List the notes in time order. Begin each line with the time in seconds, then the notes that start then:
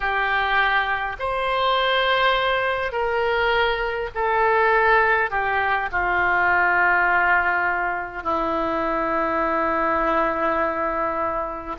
0.00 G4
1.19 C5
2.91 A#4
4.14 A4
5.30 G4
5.91 F4
8.23 E4